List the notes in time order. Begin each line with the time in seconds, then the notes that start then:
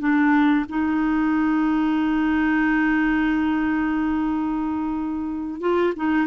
0.00 D4
0.70 D#4
5.61 F4
5.97 D#4